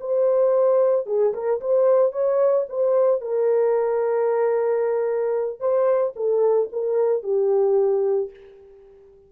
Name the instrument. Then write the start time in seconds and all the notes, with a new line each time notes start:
horn
0.00 C5
1.06 G#4
1.33 A#4
1.60 C5
2.12 C#5
2.69 C5
3.20 A#4
5.60 C5
6.15 A4
6.72 A#4
7.22 G4